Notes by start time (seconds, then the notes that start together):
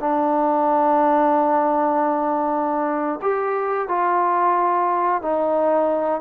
0.00 D4
3.22 G4
3.89 F4
5.22 D#4